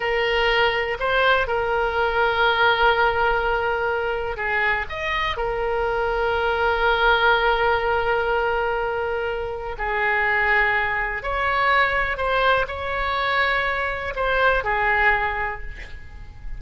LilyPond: \new Staff \with { instrumentName = "oboe" } { \time 4/4 \tempo 4 = 123 ais'2 c''4 ais'4~ | ais'1~ | ais'4 gis'4 dis''4 ais'4~ | ais'1~ |
ais'1 | gis'2. cis''4~ | cis''4 c''4 cis''2~ | cis''4 c''4 gis'2 | }